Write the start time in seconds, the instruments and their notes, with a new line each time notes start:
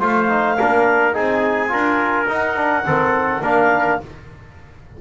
0.00 double bass A3, trombone F4, trumpet C5, clarinet F5
0.29 trombone D#4
0.58 double bass A#3, trombone D4, trumpet A#4
1.13 double bass C4, trombone D#4, trumpet G#4, clarinet G#5
1.69 double bass D4, trombone F4, trumpet A#4
2.28 double bass D#4, trombone D#4, clarinet F#5
2.56 trombone D4
2.85 double bass D#3, trombone C4, trumpet A4
3.41 double bass A#3, trombone D4, trumpet A#4, clarinet F5